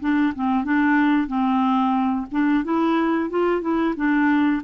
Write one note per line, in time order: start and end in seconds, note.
0.00 0.33 D4
0.35 0.64 C4
0.64 1.27 D4
1.27 2.26 C4
2.31 2.64 D4
2.64 3.30 E4
3.30 3.61 F4
3.61 3.94 E4
3.96 4.62 D4